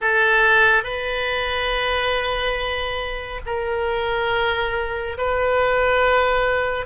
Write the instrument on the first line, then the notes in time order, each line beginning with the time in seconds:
oboe
0.01 A4
0.83 B4
3.46 A#4
5.17 B4